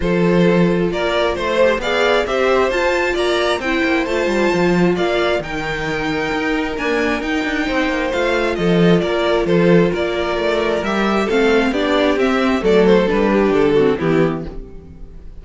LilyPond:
<<
  \new Staff \with { instrumentName = "violin" } { \time 4/4 \tempo 4 = 133 c''2 d''4 c''4 | f''4 e''4 a''4 ais''4 | g''4 a''2 f''4 | g''2. gis''4 |
g''2 f''4 dis''4 | d''4 c''4 d''2 | e''4 f''4 d''4 e''4 | d''8 c''8 b'4 a'4 g'4 | }
  \new Staff \with { instrumentName = "violin" } { \time 4/4 a'2 ais'4 c''4 | d''4 c''2 d''4 | c''2. d''4 | ais'1~ |
ais'4 c''2 a'4 | ais'4 a'4 ais'2~ | ais'4 a'4 g'2 | a'4. g'4 fis'8 e'4 | }
  \new Staff \with { instrumentName = "viola" } { \time 4/4 f'2.~ f'8 g'8 | gis'4 g'4 f'2 | e'4 f'2. | dis'2. ais4 |
dis'2 f'2~ | f'1 | g'4 c'4 d'4 c'4 | a4 d'4. c'8 b4 | }
  \new Staff \with { instrumentName = "cello" } { \time 4/4 f2 ais4 a4 | b4 c'4 f'4 ais4 | c'8 ais8 a8 g8 f4 ais4 | dis2 dis'4 d'4 |
dis'8 d'8 c'8 ais8 a4 f4 | ais4 f4 ais4 a4 | g4 a4 b4 c'4 | fis4 g4 d4 e4 | }
>>